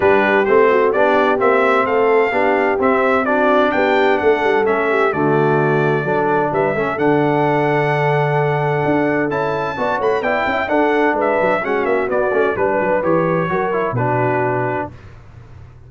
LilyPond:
<<
  \new Staff \with { instrumentName = "trumpet" } { \time 4/4 \tempo 4 = 129 b'4 c''4 d''4 e''4 | f''2 e''4 d''4 | g''4 fis''4 e''4 d''4~ | d''2 e''4 fis''4~ |
fis''1 | a''4. b''8 g''4 fis''4 | e''4 fis''8 e''8 d''4 b'4 | cis''2 b'2 | }
  \new Staff \with { instrumentName = "horn" } { \time 4/4 g'4. fis'8 g'2 | a'4 g'2 fis'4 | g'4 a'4. g'8 fis'4~ | fis'4 a'4 b'8 a'4.~ |
a'1~ | a'4 d''8 cis''8 d''8 e''8 a'4 | b'4 fis'2 b'4~ | b'4 ais'4 fis'2 | }
  \new Staff \with { instrumentName = "trombone" } { \time 4/4 d'4 c'4 d'4 c'4~ | c'4 d'4 c'4 d'4~ | d'2 cis'4 a4~ | a4 d'4. cis'8 d'4~ |
d'1 | e'4 fis'4 e'4 d'4~ | d'4 cis'4 b8 cis'8 d'4 | g'4 fis'8 e'8 d'2 | }
  \new Staff \with { instrumentName = "tuba" } { \time 4/4 g4 a4 b4 ais4 | a4 b4 c'2 | b4 a8 g8 a4 d4~ | d4 fis4 g8 a8 d4~ |
d2. d'4 | cis'4 b8 a8 b8 cis'8 d'4 | gis8 fis8 gis8 ais8 b8 a8 g8 fis8 | e4 fis4 b,2 | }
>>